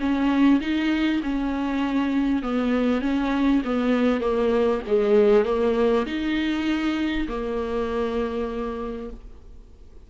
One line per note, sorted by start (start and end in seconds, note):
0.00 0.61 C#4
0.61 1.21 D#4
1.23 2.43 C#4
2.43 3.02 B3
3.02 3.63 C#4
3.65 4.21 B3
4.21 4.81 A#3
4.87 5.45 G#3
5.45 6.06 A#3
6.07 7.28 D#4
7.29 9.10 A#3